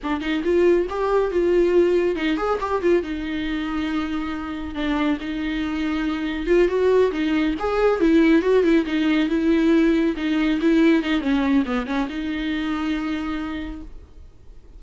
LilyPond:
\new Staff \with { instrumentName = "viola" } { \time 4/4 \tempo 4 = 139 d'8 dis'8 f'4 g'4 f'4~ | f'4 dis'8 gis'8 g'8 f'8 dis'4~ | dis'2. d'4 | dis'2. f'8 fis'8~ |
fis'8 dis'4 gis'4 e'4 fis'8 | e'8 dis'4 e'2 dis'8~ | dis'8 e'4 dis'8 cis'4 b8 cis'8 | dis'1 | }